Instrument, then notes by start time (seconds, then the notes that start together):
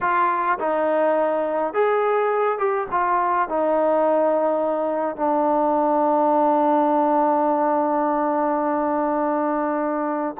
trombone
0.00 F4
0.59 D#4
1.73 G#4
2.58 G4
2.91 F4
3.49 D#4
5.16 D4